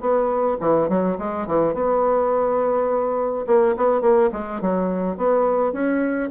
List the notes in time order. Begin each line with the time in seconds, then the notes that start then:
0.00 B3
0.61 E3
0.89 F#3
1.18 G#3
1.47 E3
1.74 B3
3.47 A#3
3.77 B3
4.01 A#3
4.32 G#3
4.61 F#3
5.17 B3
5.73 C#4